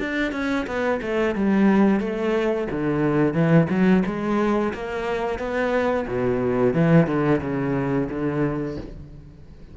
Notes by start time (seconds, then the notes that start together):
0.00 D4
0.32 C#4
0.67 B3
1.02 A3
1.35 G3
2.00 A3
2.71 D3
3.34 E3
3.70 F#3
4.06 G#3
4.74 A#3
5.39 B3
6.08 B2
6.74 E3
7.07 D3
7.41 C#3
8.10 D3